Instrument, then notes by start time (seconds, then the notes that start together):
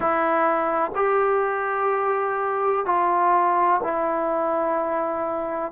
trombone
0.00 E4
0.95 G4
2.85 F4
3.83 E4